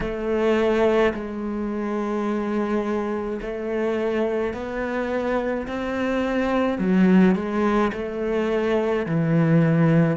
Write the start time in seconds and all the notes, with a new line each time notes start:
0.00 A3
1.14 G#3
3.41 A3
4.53 B3
5.67 C4
6.78 F#3
7.35 G#3
7.92 A3
9.06 E3